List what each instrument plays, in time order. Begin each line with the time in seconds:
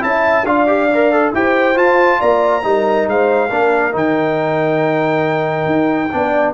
0.00 tuba C#4, trombone E4, horn E5, trumpet A5
0.44 tuba D4, trombone F4, horn D5, trumpet F5
0.67 trombone G4
0.93 trombone A#4
1.12 trombone A4
1.33 tuba E4, trombone G4, horn C5, trumpet G5
1.75 trombone F4, tuba F4, trumpet A5
2.19 tuba A#3, horn D5, trumpet A#5
2.62 tuba G3, trombone D#4, horn A#4
3.07 tuba G#3, horn C5, trumpet F5
3.48 tuba A#3, trombone D4, horn A#4
3.92 tuba D#3, trombone D#4, trumpet G5
5.65 tuba D#4
6.12 tuba B3, trombone D4, horn D5